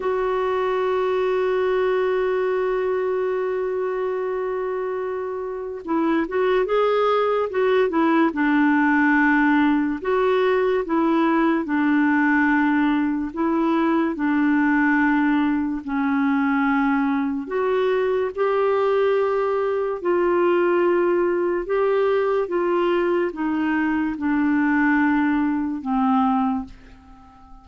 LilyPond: \new Staff \with { instrumentName = "clarinet" } { \time 4/4 \tempo 4 = 72 fis'1~ | fis'2. e'8 fis'8 | gis'4 fis'8 e'8 d'2 | fis'4 e'4 d'2 |
e'4 d'2 cis'4~ | cis'4 fis'4 g'2 | f'2 g'4 f'4 | dis'4 d'2 c'4 | }